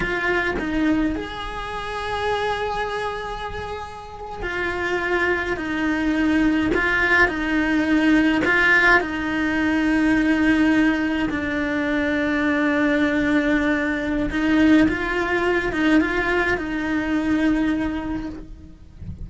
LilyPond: \new Staff \with { instrumentName = "cello" } { \time 4/4 \tempo 4 = 105 f'4 dis'4 gis'2~ | gis'2.~ gis'8. f'16~ | f'4.~ f'16 dis'2 f'16~ | f'8. dis'2 f'4 dis'16~ |
dis'2.~ dis'8. d'16~ | d'1~ | d'4 dis'4 f'4. dis'8 | f'4 dis'2. | }